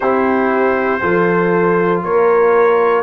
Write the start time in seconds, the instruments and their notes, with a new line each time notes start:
0.00 tuba C4, trombone E4, horn G4, trumpet C5
1.01 tuba F3, trombone F4, horn A4
2.03 tuba A#3, horn A#4, trumpet C#5